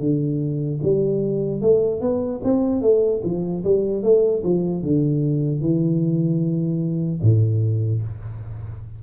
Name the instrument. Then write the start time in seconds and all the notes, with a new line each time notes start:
tuba
0.00 D3
0.83 G3
1.61 A3
2.01 B3
2.44 C4
2.82 A3
3.24 F3
3.64 G3
4.03 A3
4.44 F3
4.83 D3
5.61 E3
7.23 A2